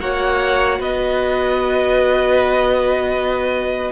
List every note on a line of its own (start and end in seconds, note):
0.00 0.80 A#3
0.00 3.92 F#4
0.00 0.80 C#5
0.00 0.82 F#5
0.80 3.92 B3
0.80 3.92 B4
0.80 3.92 D#5